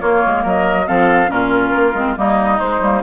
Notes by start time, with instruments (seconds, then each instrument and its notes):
0.00 clarinet A#3, bassoon A#3, oboe F4, flute C#5
0.27 bassoon G#3
0.43 bassoon F#3, oboe A#4, flute D#5
0.87 bassoon F3, clarinet C4, oboe A4, flute F5
1.28 bassoon A#2, clarinet C#4, oboe F4, flute A#4
1.75 bassoon A#3
1.94 bassoon G#3, clarinet C4
2.16 bassoon G3, clarinet A#3, oboe D#4, flute D#5
2.60 clarinet G#3, bassoon G#3, flute C5
2.81 bassoon G3, clarinet A#3